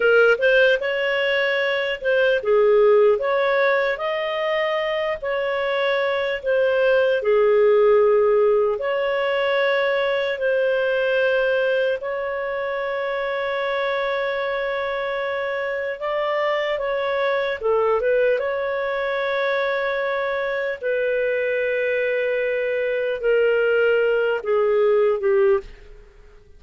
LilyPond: \new Staff \with { instrumentName = "clarinet" } { \time 4/4 \tempo 4 = 75 ais'8 c''8 cis''4. c''8 gis'4 | cis''4 dis''4. cis''4. | c''4 gis'2 cis''4~ | cis''4 c''2 cis''4~ |
cis''1 | d''4 cis''4 a'8 b'8 cis''4~ | cis''2 b'2~ | b'4 ais'4. gis'4 g'8 | }